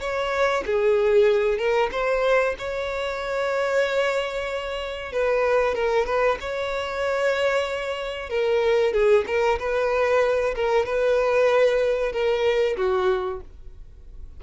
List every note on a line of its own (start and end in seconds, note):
0.00 0.64 C#5
0.66 1.58 G#4
1.58 1.89 A#4
1.91 2.55 C5
2.58 5.12 C#5
5.12 5.75 B4
5.75 6.06 A#4
6.06 6.38 B4
6.40 8.29 C#5
8.29 8.93 A#4
8.93 9.25 G#4
9.27 9.59 A#4
9.59 10.55 B4
10.55 10.85 A#4
10.85 12.12 B4
12.12 12.76 A#4
12.77 13.40 F#4